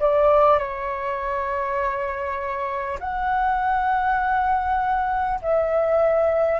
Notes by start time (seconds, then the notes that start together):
0.00 D5
0.59 C#5
2.99 F#5
5.42 E5